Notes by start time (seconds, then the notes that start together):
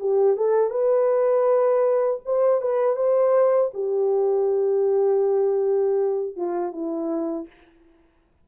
0.00 G4
0.37 A4
0.71 B4
2.26 C5
2.62 B4
2.96 C5
3.74 G4
6.36 F4
6.72 E4